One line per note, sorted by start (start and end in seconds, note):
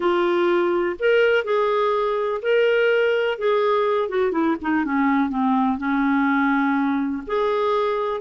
0.00 0.96 F4
0.99 1.44 A#4
1.44 2.41 G#4
2.41 3.38 A#4
3.38 4.08 G#4
4.08 4.31 F#4
4.31 4.55 E4
4.61 4.84 D#4
4.84 5.29 C#4
5.29 5.77 C4
5.77 7.23 C#4
7.26 8.20 G#4